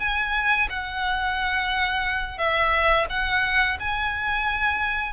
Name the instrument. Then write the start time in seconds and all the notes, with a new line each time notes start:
violin
0.00 G#5
0.70 F#5
2.38 E5
3.10 F#5
3.80 G#5